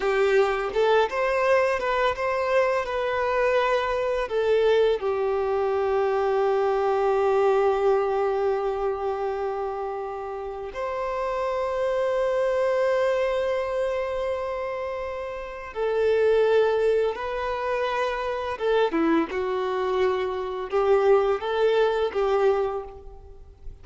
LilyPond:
\new Staff \with { instrumentName = "violin" } { \time 4/4 \tempo 4 = 84 g'4 a'8 c''4 b'8 c''4 | b'2 a'4 g'4~ | g'1~ | g'2. c''4~ |
c''1~ | c''2 a'2 | b'2 a'8 e'8 fis'4~ | fis'4 g'4 a'4 g'4 | }